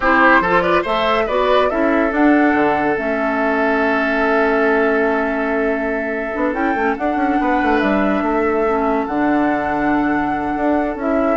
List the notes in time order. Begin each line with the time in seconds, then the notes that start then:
0.00 C4 E4 G4 C5
0.40 F3 F4 A4
0.61 B4 D5
0.82 A3 A4 C5 E5
1.26 B3 F#4 B4 D5
1.70 C#4 E4 A4 E5
2.09 D4 F#5
2.54 D3
2.96 A3 C#4 E5
6.33 B3 D4
6.53 C#4 E4 G5
6.74 A3 C#4
6.97 D4 F#5
7.15 C#4
7.40 B3 B4
7.62 A3
7.79 G3 E5
8.21 A3 A4
8.66 C#4
9.06 D3 D4 F#5
10.56 D4
10.95 C#4 E4 E5